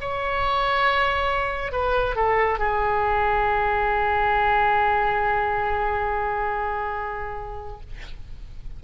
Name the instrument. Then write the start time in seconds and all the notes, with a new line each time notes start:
oboe
0.00 C#5
1.72 B4
2.15 A4
2.58 G#4